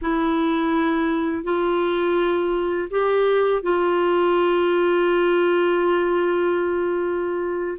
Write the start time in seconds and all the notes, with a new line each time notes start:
0.01 E4
1.43 F4
2.90 G4
3.62 F4